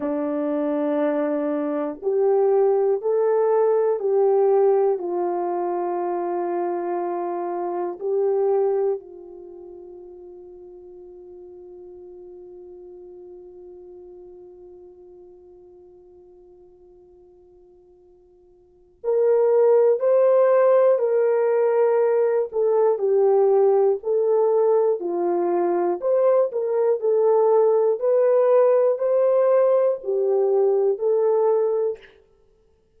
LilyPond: \new Staff \with { instrumentName = "horn" } { \time 4/4 \tempo 4 = 60 d'2 g'4 a'4 | g'4 f'2. | g'4 f'2.~ | f'1~ |
f'2. ais'4 | c''4 ais'4. a'8 g'4 | a'4 f'4 c''8 ais'8 a'4 | b'4 c''4 g'4 a'4 | }